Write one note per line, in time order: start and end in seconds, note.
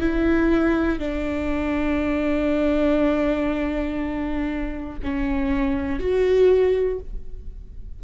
0.00 0.99 E4
0.99 4.99 D4
5.03 5.99 C#4
5.99 6.99 F#4